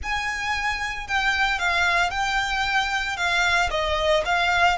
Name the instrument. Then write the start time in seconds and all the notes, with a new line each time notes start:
violin
0.03 G#5
1.07 G5
1.59 F5
2.10 G5
3.16 F5
3.70 D#5
4.25 F5